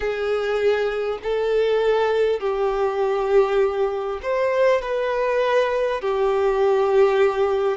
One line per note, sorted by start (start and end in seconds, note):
0.00 1.18 G#4
1.22 2.40 A4
2.40 4.20 G4
4.22 4.81 C5
4.81 6.01 B4
6.01 7.77 G4